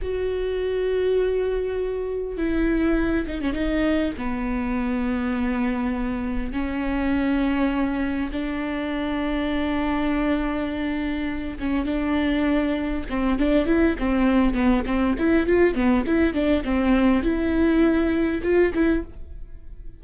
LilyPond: \new Staff \with { instrumentName = "viola" } { \time 4/4 \tempo 4 = 101 fis'1 | e'4. dis'16 cis'16 dis'4 b4~ | b2. cis'4~ | cis'2 d'2~ |
d'2.~ d'8 cis'8 | d'2 c'8 d'8 e'8 c'8~ | c'8 b8 c'8 e'8 f'8 b8 e'8 d'8 | c'4 e'2 f'8 e'8 | }